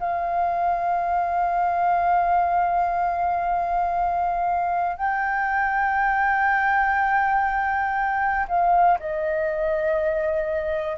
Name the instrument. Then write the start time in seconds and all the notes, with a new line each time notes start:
flute
0.00 F5
4.97 G5
8.49 F5
9.00 D#5